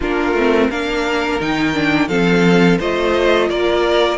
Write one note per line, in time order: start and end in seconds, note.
0.00 0.33 A#3
0.00 0.36 D4
0.00 0.70 F4
0.00 0.70 A#4
0.33 0.68 A3
0.33 0.71 C4
0.70 1.40 A#3
0.70 1.40 D4
0.70 2.08 A#4
0.70 1.40 F5
1.40 2.08 D#3
1.40 1.73 D#4
1.40 2.08 G5
1.73 2.08 D4
2.08 2.78 F3
2.08 2.79 C4
2.08 2.78 A4
2.08 2.77 F5
2.78 3.49 A3
2.78 4.17 F4
2.78 3.48 C5
2.78 3.49 D#5
3.49 4.17 A#3
3.49 4.17 A#4
3.49 4.17 D5